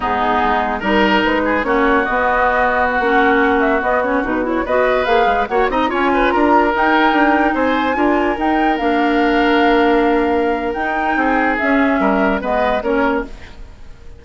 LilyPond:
<<
  \new Staff \with { instrumentName = "flute" } { \time 4/4 \tempo 4 = 145 gis'2 ais'4 b'4 | cis''4 dis''2 fis''4~ | fis''8. e''8 dis''8 cis''8 b'8 cis''8 dis''8.~ | dis''16 f''4 fis''8 ais''8 gis''4 ais''8.~ |
ais''16 g''2 gis''4.~ gis''16~ | gis''16 g''4 f''2~ f''8.~ | f''2 g''2 | e''2 dis''4 cis''4 | }
  \new Staff \with { instrumentName = "oboe" } { \time 4/4 dis'2 ais'4. gis'8 | fis'1~ | fis'2.~ fis'16 b'8.~ | b'4~ b'16 cis''8 dis''8 cis''8 b'8 ais'8.~ |
ais'2~ ais'16 c''4 ais'8.~ | ais'1~ | ais'2. gis'4~ | gis'4 ais'4 b'4 ais'4 | }
  \new Staff \with { instrumentName = "clarinet" } { \time 4/4 b2 dis'2 | cis'4 b2~ b16 cis'8.~ | cis'4~ cis'16 b8 cis'8 dis'8 e'8 fis'8.~ | fis'16 gis'4 fis'8 dis'8 f'4.~ f'16~ |
f'16 dis'2. f'8.~ | f'16 dis'4 d'2~ d'8.~ | d'2 dis'2 | cis'2 b4 cis'4 | }
  \new Staff \with { instrumentName = "bassoon" } { \time 4/4 gis,4 gis4 g4 gis4 | ais4 b2~ b16 ais8.~ | ais4~ ais16 b4 b,4 b8.~ | b16 ais8 gis8 ais8 c'8 cis'4 d'8.~ |
d'16 dis'4 d'4 c'4 d'8.~ | d'16 dis'4 ais2~ ais8.~ | ais2 dis'4 c'4 | cis'4 g4 gis4 ais4 | }
>>